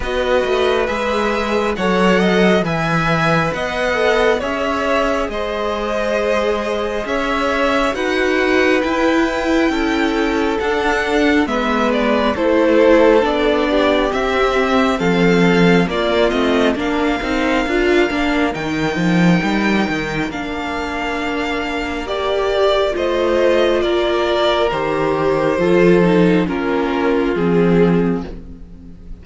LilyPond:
<<
  \new Staff \with { instrumentName = "violin" } { \time 4/4 \tempo 4 = 68 dis''4 e''4 fis''4 gis''4 | fis''4 e''4 dis''2 | e''4 fis''4 g''2 | fis''4 e''8 d''8 c''4 d''4 |
e''4 f''4 d''8 dis''8 f''4~ | f''4 g''2 f''4~ | f''4 d''4 dis''4 d''4 | c''2 ais'4 gis'4 | }
  \new Staff \with { instrumentName = "violin" } { \time 4/4 b'2 cis''8 dis''8 e''4 | dis''4 cis''4 c''2 | cis''4 b'2 a'4~ | a'4 b'4 a'4. g'8~ |
g'4 a'4 f'4 ais'4~ | ais'1~ | ais'2 c''4 ais'4~ | ais'4 a'4 f'2 | }
  \new Staff \with { instrumentName = "viola" } { \time 4/4 fis'4 gis'4 a'4 b'4~ | b'8 a'8 gis'2.~ | gis'4 fis'4 e'2 | d'4 b4 e'4 d'4 |
c'2 ais8 c'8 d'8 dis'8 | f'8 d'8 dis'2 d'4~ | d'4 g'4 f'2 | g'4 f'8 dis'8 cis'4 c'4 | }
  \new Staff \with { instrumentName = "cello" } { \time 4/4 b8 a8 gis4 fis4 e4 | b4 cis'4 gis2 | cis'4 dis'4 e'4 cis'4 | d'4 gis4 a4 b4 |
c'4 f4 ais8 a8 ais8 c'8 | d'8 ais8 dis8 f8 g8 dis8 ais4~ | ais2 a4 ais4 | dis4 f4 ais4 f4 | }
>>